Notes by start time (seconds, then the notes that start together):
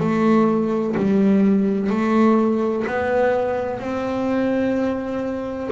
0.00 A3
0.97 G3
1.90 A3
2.87 B3
3.80 C4